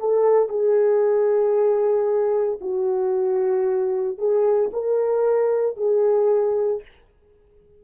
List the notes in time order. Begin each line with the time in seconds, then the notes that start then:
0.00 A4
0.49 G#4
2.61 F#4
4.19 G#4
4.73 A#4
5.78 G#4